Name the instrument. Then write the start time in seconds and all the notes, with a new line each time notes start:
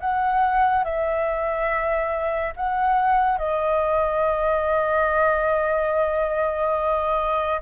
flute
0.00 F#5
0.84 E5
2.56 F#5
3.38 D#5